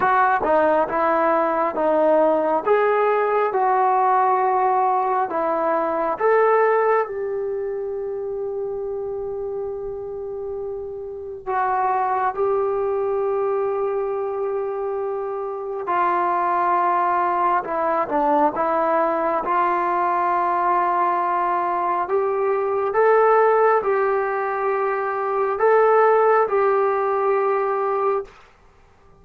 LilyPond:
\new Staff \with { instrumentName = "trombone" } { \time 4/4 \tempo 4 = 68 fis'8 dis'8 e'4 dis'4 gis'4 | fis'2 e'4 a'4 | g'1~ | g'4 fis'4 g'2~ |
g'2 f'2 | e'8 d'8 e'4 f'2~ | f'4 g'4 a'4 g'4~ | g'4 a'4 g'2 | }